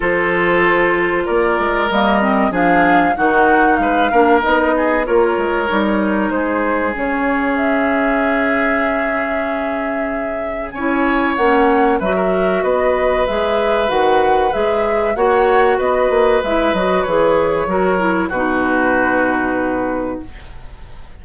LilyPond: <<
  \new Staff \with { instrumentName = "flute" } { \time 4/4 \tempo 4 = 95 c''2 d''4 dis''4 | f''4 fis''4 f''4 dis''4 | cis''2 c''4 cis''4 | e''1~ |
e''4 gis''4 fis''4 e''4 | dis''4 e''4 fis''4 e''4 | fis''4 dis''4 e''8 dis''8 cis''4~ | cis''4 b'2. | }
  \new Staff \with { instrumentName = "oboe" } { \time 4/4 a'2 ais'2 | gis'4 fis'4 b'8 ais'4 gis'8 | ais'2 gis'2~ | gis'1~ |
gis'4 cis''2 b'16 ais'8. | b'1 | cis''4 b'2. | ais'4 fis'2. | }
  \new Staff \with { instrumentName = "clarinet" } { \time 4/4 f'2. ais8 c'8 | d'4 dis'4. d'8 dis'4 | f'4 dis'2 cis'4~ | cis'1~ |
cis'4 e'4 cis'4 fis'4~ | fis'4 gis'4 fis'4 gis'4 | fis'2 e'8 fis'8 gis'4 | fis'8 e'8 dis'2. | }
  \new Staff \with { instrumentName = "bassoon" } { \time 4/4 f2 ais8 gis8 g4 | f4 dis4 gis8 ais8 b4 | ais8 gis8 g4 gis4 cis4~ | cis1~ |
cis4 cis'4 ais4 fis4 | b4 gis4 dis4 gis4 | ais4 b8 ais8 gis8 fis8 e4 | fis4 b,2. | }
>>